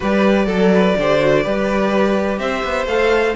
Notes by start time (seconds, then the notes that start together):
0.00 G3 G4 B4 D5
0.46 F#3 A4
0.73 B4
0.98 D3 G4 C5
1.20 F#4
1.43 G3 G4 B4
2.38 C4 C5 E5
2.63 B3
2.85 A3 A4 F5